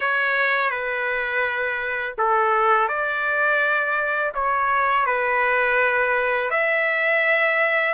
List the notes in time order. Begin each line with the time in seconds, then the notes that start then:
0.00 C#5
0.70 B4
2.18 A4
2.88 D5
4.34 C#5
5.05 B4
6.50 E5